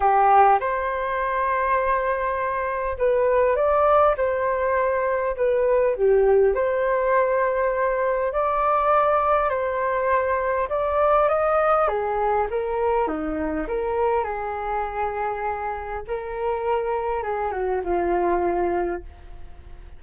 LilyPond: \new Staff \with { instrumentName = "flute" } { \time 4/4 \tempo 4 = 101 g'4 c''2.~ | c''4 b'4 d''4 c''4~ | c''4 b'4 g'4 c''4~ | c''2 d''2 |
c''2 d''4 dis''4 | gis'4 ais'4 dis'4 ais'4 | gis'2. ais'4~ | ais'4 gis'8 fis'8 f'2 | }